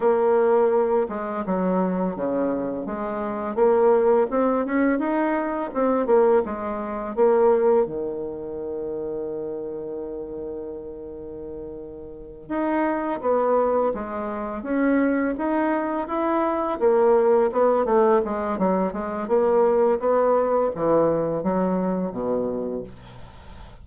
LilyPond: \new Staff \with { instrumentName = "bassoon" } { \time 4/4 \tempo 4 = 84 ais4. gis8 fis4 cis4 | gis4 ais4 c'8 cis'8 dis'4 | c'8 ais8 gis4 ais4 dis4~ | dis1~ |
dis4. dis'4 b4 gis8~ | gis8 cis'4 dis'4 e'4 ais8~ | ais8 b8 a8 gis8 fis8 gis8 ais4 | b4 e4 fis4 b,4 | }